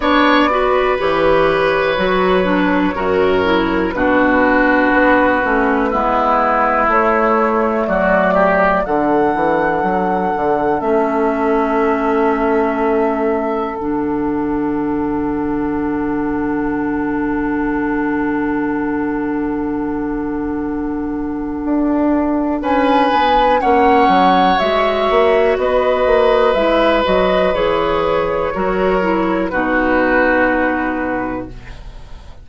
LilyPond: <<
  \new Staff \with { instrumentName = "flute" } { \time 4/4 \tempo 4 = 61 d''4 cis''2. | b'2. cis''4 | d''4 fis''2 e''4~ | e''2 fis''2~ |
fis''1~ | fis''2. gis''4 | fis''4 e''4 dis''4 e''8 dis''8 | cis''2 b'2 | }
  \new Staff \with { instrumentName = "oboe" } { \time 4/4 cis''8 b'2~ b'8 ais'4 | fis'2 e'2 | fis'8 g'8 a'2.~ | a'1~ |
a'1~ | a'2. b'4 | cis''2 b'2~ | b'4 ais'4 fis'2 | }
  \new Staff \with { instrumentName = "clarinet" } { \time 4/4 d'8 fis'8 g'4 fis'8 d'8 fis'8 e'8 | d'4. cis'8 b4 a4~ | a4 d'2 cis'4~ | cis'2 d'2~ |
d'1~ | d'1 | cis'4 fis'2 e'8 fis'8 | gis'4 fis'8 e'8 dis'2 | }
  \new Staff \with { instrumentName = "bassoon" } { \time 4/4 b4 e4 fis4 fis,4 | b,4 b8 a8 gis4 a4 | fis4 d8 e8 fis8 d8 a4~ | a2 d2~ |
d1~ | d2 d'4 cis'8 b8 | ais8 fis8 gis8 ais8 b8 ais8 gis8 fis8 | e4 fis4 b,2 | }
>>